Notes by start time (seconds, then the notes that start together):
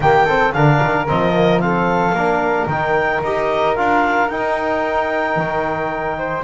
0.00 D#3 A#3 G4 G5
0.25 C4 A4
0.52 D3 D4 A#4 F5
0.82 D#3
1.07 F3 C4 D#5
1.33 A#3
1.60 C4 A4 F5
2.12 A#3 D4 A#4
2.67 D#3 D#4 G5
3.22 D#4 G4 D#5
3.75 D4 F4 F5
4.29 D#4 G5
5.36 D#3
6.18 C5